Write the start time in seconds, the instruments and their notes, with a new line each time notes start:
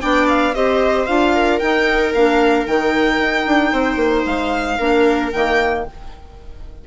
0.00 bassoon B3, clarinet D4, viola D5, violin G5
0.28 violin F5
0.54 bassoon C4, clarinet G4, viola C5, violin D#5
1.06 bassoon D4, clarinet F4, violin F5
1.35 viola A#4
1.59 clarinet D#4, bassoon D#4, violin G5
2.14 bassoon A#3, clarinet D4, violin F5
2.66 bassoon D#3, clarinet D#4, violin G5
3.18 bassoon D#4
3.46 bassoon D4
3.72 bassoon C4, viola C5
3.96 bassoon A#3
4.25 bassoon G#3, violin F5
4.77 bassoon A#3, clarinet D4, viola A#4
5.31 bassoon D#3, clarinet A#3, violin G5